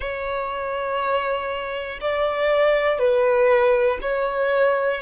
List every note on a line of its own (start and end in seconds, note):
0.00 1.98 C#5
2.00 2.98 D5
2.98 3.98 B4
4.01 5.01 C#5